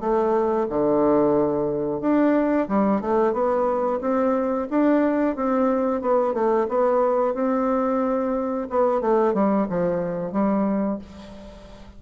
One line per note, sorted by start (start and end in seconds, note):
0.00 0.67 A3
0.69 2.01 D3
2.01 2.68 D4
2.68 3.01 G3
3.01 3.33 A3
3.33 4.00 B3
4.01 4.68 C4
4.70 5.36 D4
5.36 6.01 C4
6.01 6.34 B3
6.34 6.67 A3
6.68 7.34 B3
7.34 8.68 C4
8.69 9.01 B3
9.01 9.34 A3
9.34 9.67 G3
9.69 10.32 F3
10.32 10.99 G3